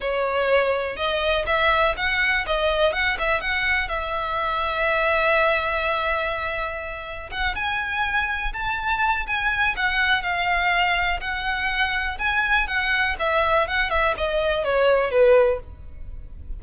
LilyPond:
\new Staff \with { instrumentName = "violin" } { \time 4/4 \tempo 4 = 123 cis''2 dis''4 e''4 | fis''4 dis''4 fis''8 e''8 fis''4 | e''1~ | e''2. fis''8 gis''8~ |
gis''4. a''4. gis''4 | fis''4 f''2 fis''4~ | fis''4 gis''4 fis''4 e''4 | fis''8 e''8 dis''4 cis''4 b'4 | }